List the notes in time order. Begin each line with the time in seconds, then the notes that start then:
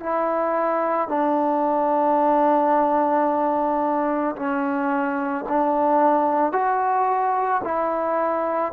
0.00 E4
1.09 D4
4.36 C#4
5.49 D4
6.53 F#4
7.64 E4